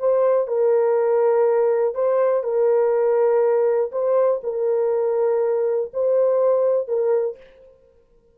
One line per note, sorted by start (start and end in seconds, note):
0.00 0.48 C5
0.48 1.95 A#4
1.95 2.44 C5
2.44 3.91 A#4
3.92 4.42 C5
4.44 5.92 A#4
5.94 6.88 C5
6.88 7.37 A#4